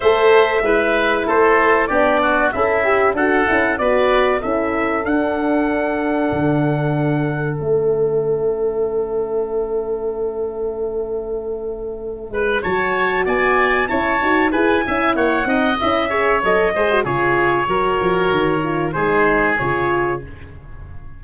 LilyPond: <<
  \new Staff \with { instrumentName = "trumpet" } { \time 4/4 \tempo 4 = 95 e''2 c''4 d''4 | e''4 fis''4 d''4 e''4 | fis''1 | e''1~ |
e''1 | a''4 gis''4 a''4 gis''4 | fis''4 e''4 dis''4 cis''4~ | cis''2 c''4 cis''4 | }
  \new Staff \with { instrumentName = "oboe" } { \time 4/4 c''4 b'4 a'4 g'8 fis'8 | e'4 a'4 b'4 a'4~ | a'1~ | a'1~ |
a'2.~ a'8 b'8 | cis''4 d''4 cis''4 b'8 e''8 | cis''8 dis''4 cis''4 c''8 gis'4 | ais'2 gis'2 | }
  \new Staff \with { instrumentName = "horn" } { \time 4/4 a'4 e'2 d'4 | a'8 g'8 fis'8 e'8 fis'4 e'4 | d'1 | cis'1~ |
cis'1 | fis'2 e'8 fis'8 gis'8 e'8~ | e'8 dis'8 e'8 gis'8 a'8 gis'16 fis'16 f'4 | fis'4. f'8 dis'4 f'4 | }
  \new Staff \with { instrumentName = "tuba" } { \time 4/4 a4 gis4 a4 b4 | cis'4 d'8 cis'8 b4 cis'4 | d'2 d2 | a1~ |
a2.~ a8 gis8 | fis4 b4 cis'8 dis'8 e'8 cis'8 | ais8 c'8 cis'4 fis8 gis8 cis4 | fis8 f8 dis4 gis4 cis4 | }
>>